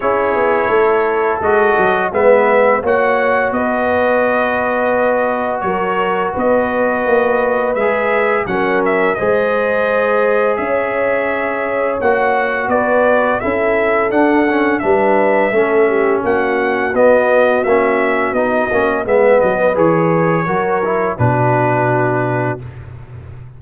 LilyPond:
<<
  \new Staff \with { instrumentName = "trumpet" } { \time 4/4 \tempo 4 = 85 cis''2 dis''4 e''4 | fis''4 dis''2. | cis''4 dis''2 e''4 | fis''8 e''8 dis''2 e''4~ |
e''4 fis''4 d''4 e''4 | fis''4 e''2 fis''4 | dis''4 e''4 dis''4 e''8 dis''8 | cis''2 b'2 | }
  \new Staff \with { instrumentName = "horn" } { \time 4/4 gis'4 a'2 b'4 | cis''4 b'2. | ais'4 b'2. | ais'4 c''2 cis''4~ |
cis''2 b'4 a'4~ | a'4 b'4 a'8 g'8 fis'4~ | fis'2. b'4~ | b'4 ais'4 fis'2 | }
  \new Staff \with { instrumentName = "trombone" } { \time 4/4 e'2 fis'4 b4 | fis'1~ | fis'2. gis'4 | cis'4 gis'2.~ |
gis'4 fis'2 e'4 | d'8 cis'8 d'4 cis'2 | b4 cis'4 dis'8 cis'8 b4 | gis'4 fis'8 e'8 d'2 | }
  \new Staff \with { instrumentName = "tuba" } { \time 4/4 cis'8 b8 a4 gis8 fis8 gis4 | ais4 b2. | fis4 b4 ais4 gis4 | fis4 gis2 cis'4~ |
cis'4 ais4 b4 cis'4 | d'4 g4 a4 ais4 | b4 ais4 b8 ais8 gis8 fis8 | e4 fis4 b,2 | }
>>